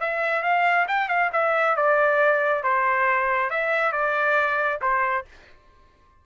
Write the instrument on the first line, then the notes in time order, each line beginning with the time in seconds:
trumpet
0.00 E5
0.42 F5
0.88 G5
1.08 F5
1.33 E5
1.76 D5
2.63 C5
3.50 E5
3.92 D5
4.81 C5